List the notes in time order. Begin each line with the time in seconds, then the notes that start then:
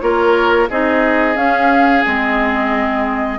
0.00 A#3 F4 A#4 C#5
0.69 C4 D#4 G#4 D#5
1.35 C#4 F5
2.05 G#3 C4 D#5